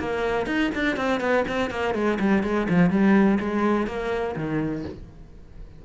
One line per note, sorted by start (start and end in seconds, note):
0.00 0.47 A#3
0.47 0.71 D#4
0.75 0.97 D4
0.97 1.21 C4
1.21 1.45 B3
1.48 1.71 C4
1.71 1.95 A#3
1.95 2.19 G#3
2.20 2.44 G3
2.44 2.68 G#3
2.70 2.90 F3
2.90 3.39 G3
3.40 3.87 G#3
3.87 4.36 A#3
4.36 4.85 D#3